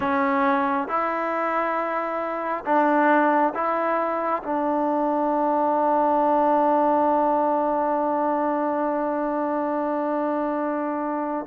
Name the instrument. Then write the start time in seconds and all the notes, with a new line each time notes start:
trombone
0.00 C#4
0.87 E4
2.65 D4
3.54 E4
4.43 D4